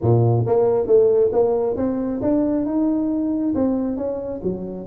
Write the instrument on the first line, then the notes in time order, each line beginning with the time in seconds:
tuba
0.01 A#2
0.46 A#3
0.86 A3
1.32 A#3
1.76 C4
2.21 D4
2.65 D#4
3.55 C4
3.96 C#4
4.43 F#3